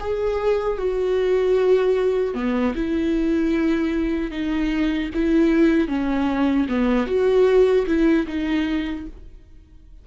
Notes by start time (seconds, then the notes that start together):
0.00 G#4
0.78 F#4
2.35 B3
2.76 E4
4.31 D#4
5.15 E4
5.88 C#4
6.69 B3
7.07 F#4
7.87 E4
8.28 D#4